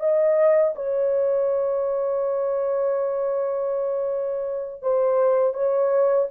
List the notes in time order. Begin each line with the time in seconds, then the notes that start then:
0.00 D#5
0.75 C#5
4.82 C5
5.54 C#5